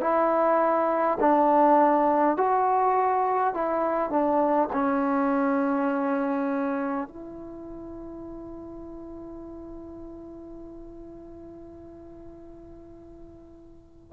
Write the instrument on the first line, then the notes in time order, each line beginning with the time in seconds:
trombone
0.00 E4
1.20 D4
2.36 F#4
3.53 E4
4.10 D4
4.73 C#4
7.07 E4